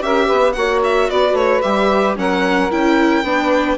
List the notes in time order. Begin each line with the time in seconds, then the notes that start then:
0.00 C#4 G4 A#4 E5
0.26 B3 B4
0.52 A#3 F#4 C#5 F#5
0.84 E5
1.09 B3 B4 D5
1.32 A3 C#5
1.61 G3 G4 E5
2.16 F#3 C#4 A#4 F#5
2.70 C#4 E4 G5
3.23 B3 D4 B4